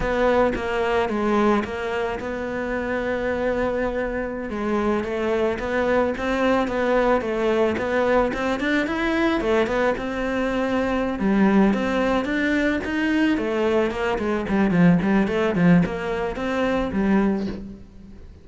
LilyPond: \new Staff \with { instrumentName = "cello" } { \time 4/4 \tempo 4 = 110 b4 ais4 gis4 ais4 | b1~ | b16 gis4 a4 b4 c'8.~ | c'16 b4 a4 b4 c'8 d'16~ |
d'16 e'4 a8 b8 c'4.~ c'16~ | c'8 g4 c'4 d'4 dis'8~ | dis'8 a4 ais8 gis8 g8 f8 g8 | a8 f8 ais4 c'4 g4 | }